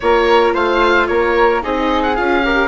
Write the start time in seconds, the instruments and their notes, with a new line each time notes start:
0.00 bassoon A#3, viola F4, flute A#4, oboe C#5
0.53 bassoon A3, flute C5, oboe F5
1.07 bassoon A#3, flute A#4, oboe C#5
1.62 bassoon C4, viola D#4, flute G#4, oboe D#5
2.02 oboe F#5
2.15 bassoon C#4, viola F4, oboe F5
2.44 viola G4, flute A#4